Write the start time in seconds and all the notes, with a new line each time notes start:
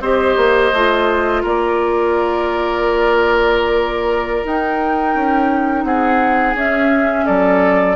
0.00 C4 G4 C5 D#5
0.36 A#3
0.73 A3 F4
1.42 A#3 A#4 D5
4.44 D#4 G5
5.15 C#4
5.84 C4 G#4 F#5
6.54 C#4 E5
7.25 F#3 A4 D5